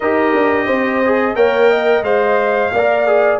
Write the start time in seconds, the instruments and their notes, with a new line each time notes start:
0.00 tuba D#4, trombone G4, horn A#4, trumpet D#5
0.33 tuba D4
0.65 tuba C4, horn C5
1.05 trombone G#4
1.35 tuba A#3, trombone A#4, horn C#5, trumpet G5
1.70 horn D#5
2.02 tuba G#3, trombone C5, trumpet F5
2.72 tuba A#3, trombone A#4, horn D5
3.07 trombone G#4